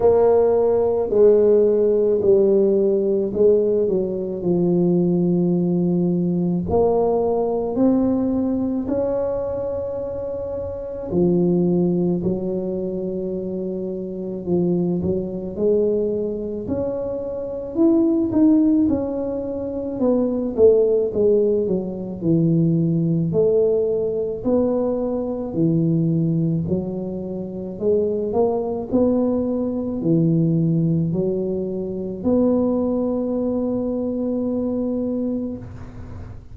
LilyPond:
\new Staff \with { instrumentName = "tuba" } { \time 4/4 \tempo 4 = 54 ais4 gis4 g4 gis8 fis8 | f2 ais4 c'4 | cis'2 f4 fis4~ | fis4 f8 fis8 gis4 cis'4 |
e'8 dis'8 cis'4 b8 a8 gis8 fis8 | e4 a4 b4 e4 | fis4 gis8 ais8 b4 e4 | fis4 b2. | }